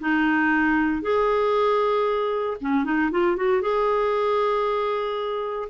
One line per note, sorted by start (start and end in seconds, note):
0.00 1.02 D#4
1.02 2.57 G#4
2.61 2.84 C#4
2.84 3.10 D#4
3.12 3.36 F4
3.36 3.62 F#4
3.62 5.69 G#4